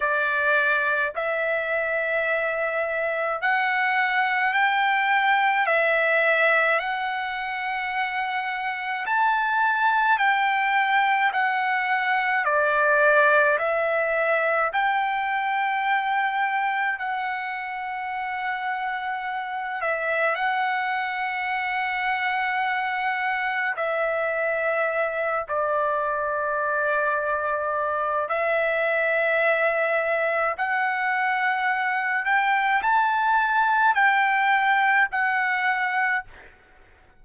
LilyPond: \new Staff \with { instrumentName = "trumpet" } { \time 4/4 \tempo 4 = 53 d''4 e''2 fis''4 | g''4 e''4 fis''2 | a''4 g''4 fis''4 d''4 | e''4 g''2 fis''4~ |
fis''4. e''8 fis''2~ | fis''4 e''4. d''4.~ | d''4 e''2 fis''4~ | fis''8 g''8 a''4 g''4 fis''4 | }